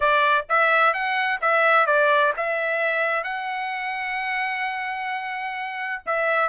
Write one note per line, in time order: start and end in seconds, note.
0.00 0.45 D5
0.49 0.93 E5
0.93 1.40 F#5
1.41 1.86 E5
1.86 2.33 D5
2.36 3.23 E5
3.23 6.02 F#5
6.05 6.49 E5